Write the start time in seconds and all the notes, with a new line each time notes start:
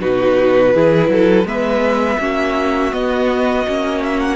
0.00 B2 D#4 F#4 B4
0.74 E3 E4 G#4
1.08 F#3 A4
1.44 G#3 B3 B4 E5
2.19 A#3 C#4 F#4
2.91 B3 D#5
3.67 A#3 C#4
4.02 E5
4.19 F#5